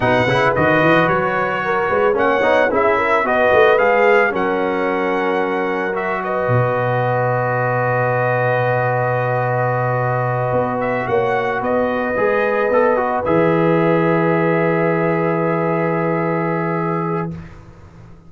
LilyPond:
<<
  \new Staff \with { instrumentName = "trumpet" } { \time 4/4 \tempo 4 = 111 fis''4 dis''4 cis''2 | fis''4 e''4 dis''4 f''4 | fis''2. e''8 dis''8~ | dis''1~ |
dis''1 | e''8 fis''4 dis''2~ dis''8~ | dis''8 e''2.~ e''8~ | e''1 | }
  \new Staff \with { instrumentName = "horn" } { \time 4/4 b'2. ais'8 b'8 | cis''4 gis'8 ais'8 b'2 | ais'2.~ ais'8 b'8~ | b'1~ |
b'1~ | b'8 cis''4 b'2~ b'8~ | b'1~ | b'1 | }
  \new Staff \with { instrumentName = "trombone" } { \time 4/4 dis'8 e'8 fis'2. | cis'8 dis'8 e'4 fis'4 gis'4 | cis'2. fis'4~ | fis'1~ |
fis'1~ | fis'2~ fis'8 gis'4 a'8 | fis'8 gis'2.~ gis'8~ | gis'1 | }
  \new Staff \with { instrumentName = "tuba" } { \time 4/4 b,8 cis8 dis8 e8 fis4. gis8 | ais8 b8 cis'4 b8 a8 gis4 | fis1 | b,1~ |
b,2.~ b,8 b8~ | b8 ais4 b4 gis4 b8~ | b8 e2.~ e8~ | e1 | }
>>